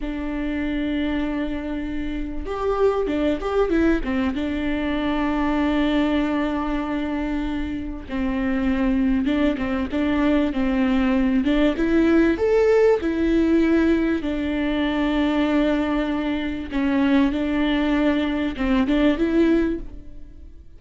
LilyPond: \new Staff \with { instrumentName = "viola" } { \time 4/4 \tempo 4 = 97 d'1 | g'4 d'8 g'8 e'8 c'8 d'4~ | d'1~ | d'4 c'2 d'8 c'8 |
d'4 c'4. d'8 e'4 | a'4 e'2 d'4~ | d'2. cis'4 | d'2 c'8 d'8 e'4 | }